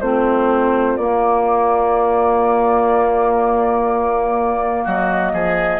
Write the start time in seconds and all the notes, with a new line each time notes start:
0.00 A3 C4 F4 C5
0.96 A#3 D5
4.83 F#3 F#4 D#5
5.33 F3 G#4